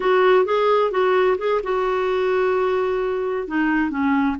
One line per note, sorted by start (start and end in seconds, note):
0.00 0.45 F#4
0.45 0.91 G#4
0.91 1.37 F#4
1.38 1.61 G#4
1.63 3.47 F#4
3.47 3.90 D#4
3.90 4.36 C#4